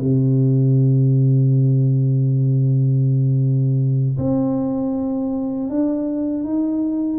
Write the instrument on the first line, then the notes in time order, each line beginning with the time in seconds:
tuba
0.00 C3
4.18 C4
5.70 D4
6.45 D#4